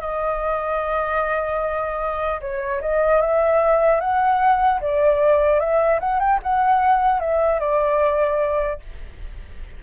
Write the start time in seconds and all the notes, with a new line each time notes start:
0.00 D#5
2.40 C#5
2.81 D#5
3.21 E5
4.00 F#5
4.80 D5
5.59 E5
6.00 F#5
6.19 G5
6.42 F#5
7.20 E5
7.59 D5